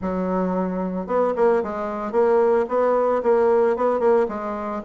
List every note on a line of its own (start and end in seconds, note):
0.01 1.07 F#3
1.07 1.33 B3
1.36 1.62 A#3
1.63 2.12 G#3
2.12 2.65 A#3
2.68 3.21 B3
3.22 3.76 A#3
3.76 3.99 B3
3.99 4.26 A#3
4.28 4.81 G#3